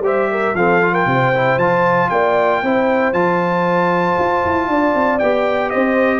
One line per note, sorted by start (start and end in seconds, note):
0.00 0.52 G3
0.00 0.55 G4
0.00 0.30 C5
0.00 0.55 E5
0.31 0.56 A#4
0.54 1.06 F3
0.54 0.82 C4
0.54 0.93 A4
0.54 0.94 F5
0.82 1.33 F4
0.93 1.06 A#4
0.93 1.58 G5
1.06 1.57 C3
1.06 2.10 C5
1.34 1.60 E4
1.57 2.09 F3
1.57 2.63 F4
1.57 2.09 A5
2.09 2.62 A#3
2.09 2.62 D5
2.09 3.12 G5
2.62 3.13 C4
2.62 3.14 E4
2.62 4.70 C5
3.12 4.16 F3
3.12 5.20 F4
3.12 5.19 A5
4.18 4.44 F4
4.45 4.67 E4
4.67 4.93 D4
4.67 5.71 D5
4.94 5.20 C4
5.19 5.73 B3
5.19 6.20 G4
5.19 5.70 G5
5.70 6.20 C4
5.70 6.20 C5
5.70 6.20 D#5